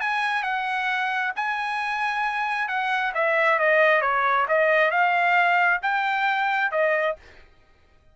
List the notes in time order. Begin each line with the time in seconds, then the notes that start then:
0.00 G#5
0.43 F#5
1.36 G#5
2.68 F#5
3.14 E5
3.58 D#5
4.01 C#5
4.48 D#5
4.91 F5
5.82 G5
6.71 D#5